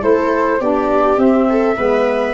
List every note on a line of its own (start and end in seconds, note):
0.00 0.61 A3
0.00 0.59 E4
0.00 0.61 A4
0.00 0.62 C5
0.61 1.18 B3
0.61 1.17 D4
0.61 1.49 G4
0.61 1.19 D5
1.17 1.76 C4
1.17 1.77 C4
1.17 2.34 E5
1.50 1.78 A4
1.77 2.34 G#3
1.77 2.34 B3
1.77 2.34 B4